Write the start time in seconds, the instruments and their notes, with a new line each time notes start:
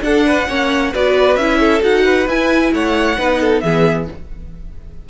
0.00 viola D4, cello D4, violin A4 F#5
0.25 violin B4
0.48 cello A#3, viola C#4, violin C#5
0.91 cello B3, viola F#4, violin B4 D5
1.36 cello C#4, viola E4, violin E5
1.60 violin A4
1.81 cello D#4, viola F#4, violin F#5
2.04 violin B4
2.27 cello E4, viola E4, violin G#5
2.73 cello A3, violin C#5 F#5
3.18 cello B3, viola D#4, violin B4
3.40 violin A4
3.60 cello E3, viola B3, violin G#4 E5